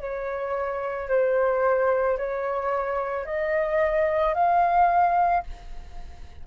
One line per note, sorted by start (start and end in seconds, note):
0.00 1.09 C#5
1.09 2.18 C5
2.18 3.26 C#5
3.26 4.34 D#5
4.34 5.43 F5